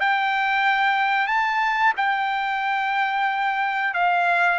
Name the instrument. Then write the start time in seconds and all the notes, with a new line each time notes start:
trumpet
0.00 G5
1.27 A5
1.97 G5
3.94 F5